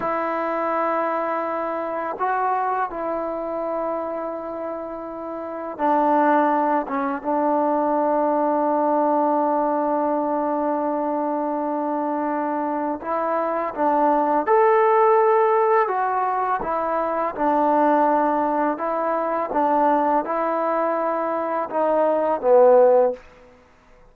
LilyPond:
\new Staff \with { instrumentName = "trombone" } { \time 4/4 \tempo 4 = 83 e'2. fis'4 | e'1 | d'4. cis'8 d'2~ | d'1~ |
d'2 e'4 d'4 | a'2 fis'4 e'4 | d'2 e'4 d'4 | e'2 dis'4 b4 | }